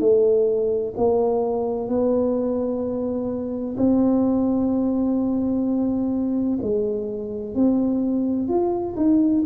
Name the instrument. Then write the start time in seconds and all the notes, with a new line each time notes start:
tuba
0.00 A3
0.98 A#3
1.89 B3
3.78 C4
6.63 G#3
7.56 C4
8.49 F4
8.97 D#4